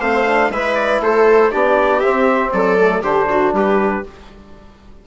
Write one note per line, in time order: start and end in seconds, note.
0.00 0.49 A3
0.00 0.26 C4
0.00 0.50 C5
0.00 0.51 F5
0.26 0.51 D4
0.49 1.00 G#3
0.49 1.51 E4
0.49 1.02 B4
0.49 0.75 E5
0.75 1.00 D5
1.00 1.51 A3
1.00 1.51 A4
1.00 1.52 C5
1.51 2.04 B3
1.51 2.02 D4
1.51 2.52 G4
1.51 2.00 D5
2.00 2.79 C4
2.00 2.53 C4
2.00 2.50 E5
2.52 3.02 F#3
2.52 3.02 A4
2.52 3.03 D5
2.79 3.03 A3
3.02 3.52 D3
3.02 4.04 D4
3.02 3.27 G4
3.02 3.54 C5
3.30 3.55 F#4
3.52 4.03 G3
3.52 4.05 G4
3.52 4.06 B4